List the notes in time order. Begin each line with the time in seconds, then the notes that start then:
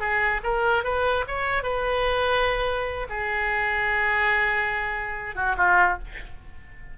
0.00 G#4
0.44 A#4
0.84 B4
1.28 C#5
1.63 B4
3.10 G#4
5.36 F#4
5.57 F4